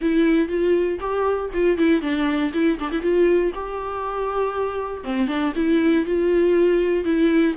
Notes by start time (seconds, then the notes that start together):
0.01 E4
0.48 F4
0.99 G4
1.53 F4
1.77 E4
2.01 D4
2.53 E4
2.79 D4
2.91 E4
3.01 F4
3.54 G4
5.04 C4
5.27 D4
5.55 E4
6.05 F4
7.04 E4